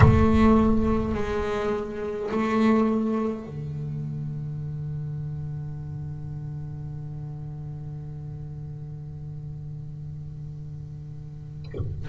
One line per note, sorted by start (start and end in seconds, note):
0.00 1.14 A3
1.14 2.30 G#3
2.31 3.46 A3
3.46 12.08 D3